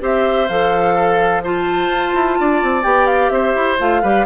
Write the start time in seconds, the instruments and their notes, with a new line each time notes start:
0.00 bassoon C4, clarinet G4, oboe C5, flute E5
0.47 bassoon F3, clarinet A4, flute F5
0.94 oboe A4
1.44 clarinet F4, oboe C5, flute A5
1.89 bassoon F4
2.14 bassoon E4
2.39 bassoon D4, oboe D5
2.62 bassoon C4
2.82 bassoon B3, clarinet G4, flute G5
3.06 flute F5
3.29 bassoon C4, oboe C5, flute E5
3.55 bassoon E4
3.78 bassoon A3, clarinet F4, flute F5
4.02 bassoon G3, clarinet G4, oboe B4